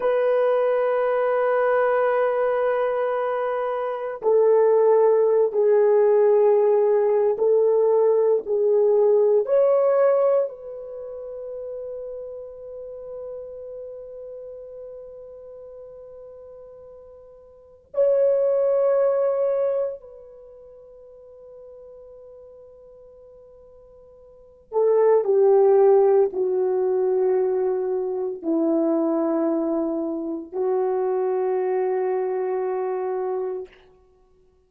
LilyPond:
\new Staff \with { instrumentName = "horn" } { \time 4/4 \tempo 4 = 57 b'1 | a'4~ a'16 gis'4.~ gis'16 a'4 | gis'4 cis''4 b'2~ | b'1~ |
b'4 cis''2 b'4~ | b'2.~ b'8 a'8 | g'4 fis'2 e'4~ | e'4 fis'2. | }